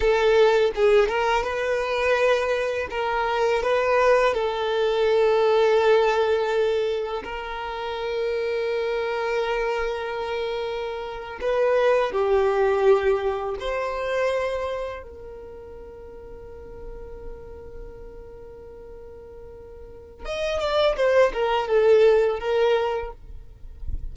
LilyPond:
\new Staff \with { instrumentName = "violin" } { \time 4/4 \tempo 4 = 83 a'4 gis'8 ais'8 b'2 | ais'4 b'4 a'2~ | a'2 ais'2~ | ais'2.~ ais'8. b'16~ |
b'8. g'2 c''4~ c''16~ | c''8. ais'2.~ ais'16~ | ais'1 | dis''8 d''8 c''8 ais'8 a'4 ais'4 | }